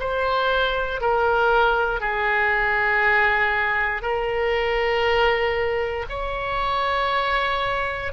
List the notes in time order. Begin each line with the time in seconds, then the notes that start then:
0.00 C5
1.01 A#4
2.01 G#4
4.02 A#4
6.09 C#5